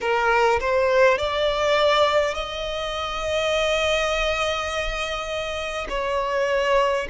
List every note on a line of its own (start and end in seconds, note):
0.00 0.59 A#4
0.59 1.18 C5
1.18 2.34 D5
2.34 5.87 D#5
5.89 7.06 C#5